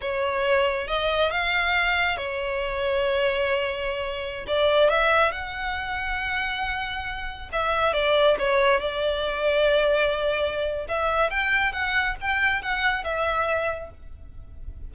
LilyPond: \new Staff \with { instrumentName = "violin" } { \time 4/4 \tempo 4 = 138 cis''2 dis''4 f''4~ | f''4 cis''2.~ | cis''2~ cis''16 d''4 e''8.~ | e''16 fis''2.~ fis''8.~ |
fis''4~ fis''16 e''4 d''4 cis''8.~ | cis''16 d''2.~ d''8.~ | d''4 e''4 g''4 fis''4 | g''4 fis''4 e''2 | }